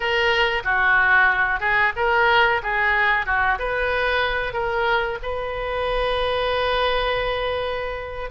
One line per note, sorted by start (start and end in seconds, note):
0.00 0.63 A#4
0.63 1.60 F#4
1.60 1.92 G#4
1.96 2.61 A#4
2.62 3.25 G#4
3.25 3.58 F#4
3.58 4.53 B4
4.53 5.18 A#4
5.22 8.30 B4